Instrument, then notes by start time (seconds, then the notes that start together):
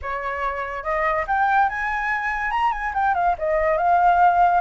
flute
0.02 C#5
0.83 D#5
1.27 G5
1.69 G#5
2.51 A#5
2.72 G#5
2.94 G5
3.14 F5
3.38 D#5
3.77 F5